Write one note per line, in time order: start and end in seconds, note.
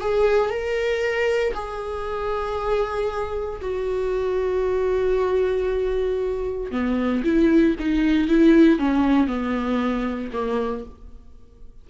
0.00 0.50 G#4
0.50 1.53 A#4
1.54 3.60 G#4
3.61 6.71 F#4
6.71 7.22 B3
7.23 7.75 E4
7.79 8.28 D#4
8.28 8.78 E4
8.78 9.27 C#4
9.27 10.30 B3
10.32 10.84 A#3